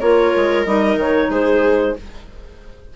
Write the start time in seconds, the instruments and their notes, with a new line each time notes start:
0.00 bassoon A#3, clarinet F4 C#5, viola A#4
0.36 bassoon G#3
0.65 bassoon G3, clarinet D#4 D#5
0.96 bassoon D#3, clarinet C#5
1.29 bassoon G#3, viola G#4, clarinet C5